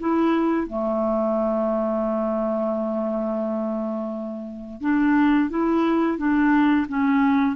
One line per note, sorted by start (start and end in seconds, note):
0.00 0.67 E4
0.67 4.81 A3
4.81 5.50 D4
5.50 6.18 E4
6.18 6.87 D4
6.88 7.56 C#4